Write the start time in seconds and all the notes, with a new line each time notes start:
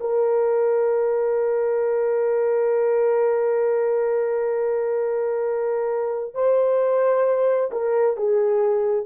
0.00 A#4
6.34 C5
7.71 A#4
8.17 G#4